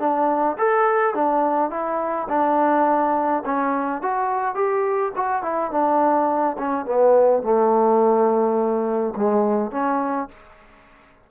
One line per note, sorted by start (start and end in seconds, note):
0.00 0.57 D4
0.58 1.15 A4
1.15 1.71 D4
1.71 2.28 E4
2.29 3.43 D4
3.46 4.02 C#4
4.02 4.55 F#4
4.55 5.12 G4
5.16 5.43 F#4
5.43 5.71 E4
5.71 6.57 D4
6.58 6.86 C#4
6.86 7.43 B3
7.43 9.15 A3
9.16 9.72 G#3
9.72 10.29 C#4